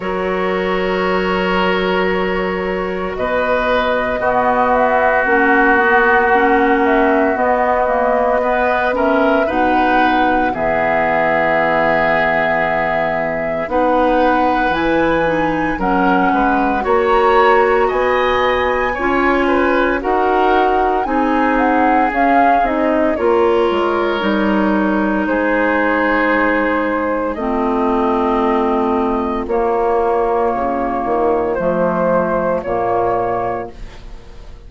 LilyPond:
<<
  \new Staff \with { instrumentName = "flute" } { \time 4/4 \tempo 4 = 57 cis''2. dis''4~ | dis''8 e''8 fis''4. e''8 dis''4~ | dis''8 e''8 fis''4 e''2~ | e''4 fis''4 gis''4 fis''4 |
ais''4 gis''2 fis''4 | gis''8 fis''8 f''8 dis''8 cis''2 | c''2 dis''2 | cis''2 c''4 cis''4 | }
  \new Staff \with { instrumentName = "oboe" } { \time 4/4 ais'2. b'4 | fis'1 | b'8 ais'8 b'4 gis'2~ | gis'4 b'2 ais'8 b'8 |
cis''4 dis''4 cis''8 b'8 ais'4 | gis'2 ais'2 | gis'2 f'2~ | f'1 | }
  \new Staff \with { instrumentName = "clarinet" } { \time 4/4 fis'1 | b4 cis'8 b8 cis'4 b8 ais8 | b8 cis'8 dis'4 b2~ | b4 dis'4 e'8 dis'8 cis'4 |
fis'2 f'4 fis'4 | dis'4 cis'8 dis'8 f'4 dis'4~ | dis'2 c'2 | ais2 a4 ais4 | }
  \new Staff \with { instrumentName = "bassoon" } { \time 4/4 fis2. b,4 | b4 ais2 b4~ | b4 b,4 e2~ | e4 b4 e4 fis8 gis8 |
ais4 b4 cis'4 dis'4 | c'4 cis'8 c'8 ais8 gis8 g4 | gis2 a2 | ais4 cis8 dis8 f4 ais,4 | }
>>